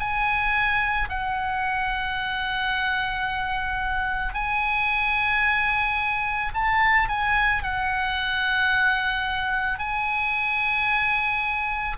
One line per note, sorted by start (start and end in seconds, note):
0.00 1.09 G#5
1.10 4.34 F#5
4.34 6.53 G#5
6.55 7.09 A5
7.09 7.64 G#5
7.64 9.79 F#5
9.79 11.98 G#5